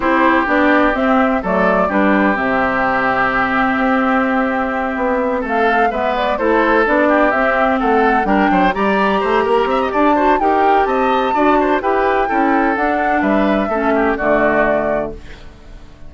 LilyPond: <<
  \new Staff \with { instrumentName = "flute" } { \time 4/4 \tempo 4 = 127 c''4 d''4 e''4 d''4 | b'4 e''2.~ | e''2.~ e''8 f''8~ | f''8 e''8 d''8 c''4 d''4 e''8~ |
e''8 fis''4 g''4 ais''4.~ | ais''4 a''4 g''4 a''4~ | a''4 g''2 fis''4 | e''2 d''2 | }
  \new Staff \with { instrumentName = "oboe" } { \time 4/4 g'2. a'4 | g'1~ | g'2.~ g'8 a'8~ | a'8 b'4 a'4. g'4~ |
g'8 a'4 ais'8 c''8 d''4 c''8 | ais'8 e''16 dis''16 d''8 c''8 ais'4 dis''4 | d''8 c''8 b'4 a'2 | b'4 a'8 g'8 fis'2 | }
  \new Staff \with { instrumentName = "clarinet" } { \time 4/4 e'4 d'4 c'4 a4 | d'4 c'2.~ | c'1~ | c'8 b4 e'4 d'4 c'8~ |
c'4. d'4 g'4.~ | g'4. fis'8 g'2 | fis'4 g'4 e'4 d'4~ | d'4 cis'4 a2 | }
  \new Staff \with { instrumentName = "bassoon" } { \time 4/4 c'4 b4 c'4 fis4 | g4 c2. | c'2~ c'8 b4 a8~ | a8 gis4 a4 b4 c'8~ |
c'8 a4 g8 fis8 g4 a8 | ais8 c'8 d'4 dis'4 c'4 | d'4 e'4 cis'4 d'4 | g4 a4 d2 | }
>>